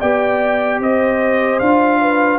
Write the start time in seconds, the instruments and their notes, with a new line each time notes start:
0.00 tuba B3, trombone G4, horn D5, trumpet G5
0.80 tuba C4, horn C5, trumpet D#5
1.59 tuba D4, trombone F4, trumpet F5
2.02 horn B4